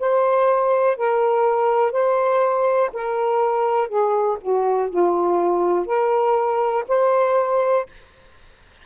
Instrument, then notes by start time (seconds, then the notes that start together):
saxophone
0.00 C5
0.97 A#4
1.92 C5
2.93 A#4
3.89 G#4
4.42 F#4
4.90 F4
5.86 A#4
6.88 C5